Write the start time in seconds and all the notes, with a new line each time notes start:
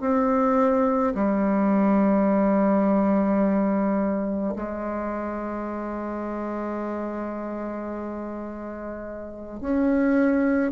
0.00 C4
1.15 G3
4.56 G#3
9.60 C#4